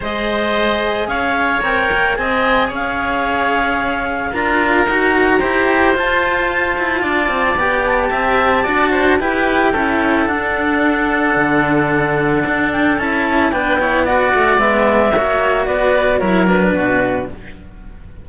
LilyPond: <<
  \new Staff \with { instrumentName = "clarinet" } { \time 4/4 \tempo 4 = 111 dis''2 f''4 g''4 | gis''4 f''2. | ais''2. a''4~ | a''2 g''8 a''4.~ |
a''4 g''2 fis''4~ | fis''2.~ fis''8 g''8 | a''4 g''4 fis''4 e''4~ | e''4 d''4 cis''8 b'4. | }
  \new Staff \with { instrumentName = "oboe" } { \time 4/4 c''2 cis''2 | dis''4 cis''2. | ais'2 c''2~ | c''4 d''2 e''4 |
d''8 c''8 b'4 a'2~ | a'1~ | a'4 b'8 cis''8 d''2 | cis''4 b'4 ais'4 fis'4 | }
  \new Staff \with { instrumentName = "cello" } { \time 4/4 gis'2. ais'4 | gis'1 | f'4 fis'4 g'4 f'4~ | f'2 g'2 |
fis'4 g'4 e'4 d'4~ | d'1 | e'4 d'8 e'8 fis'4 b4 | fis'2 e'8 d'4. | }
  \new Staff \with { instrumentName = "cello" } { \time 4/4 gis2 cis'4 c'8 ais8 | c'4 cis'2. | d'4 dis'4 e'4 f'4~ | f'8 e'8 d'8 c'8 b4 c'4 |
d'4 e'4 cis'4 d'4~ | d'4 d2 d'4 | cis'4 b4. a8 gis4 | ais4 b4 fis4 b,4 | }
>>